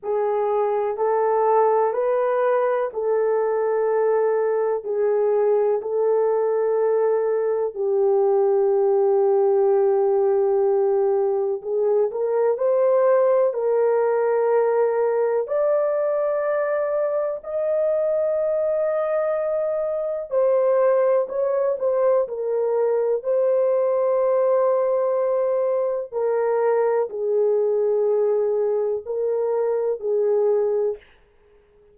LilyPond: \new Staff \with { instrumentName = "horn" } { \time 4/4 \tempo 4 = 62 gis'4 a'4 b'4 a'4~ | a'4 gis'4 a'2 | g'1 | gis'8 ais'8 c''4 ais'2 |
d''2 dis''2~ | dis''4 c''4 cis''8 c''8 ais'4 | c''2. ais'4 | gis'2 ais'4 gis'4 | }